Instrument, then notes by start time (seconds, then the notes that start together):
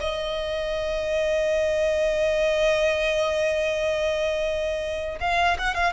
violin
0.00 D#5
5.20 F5
5.58 F#5
5.74 F5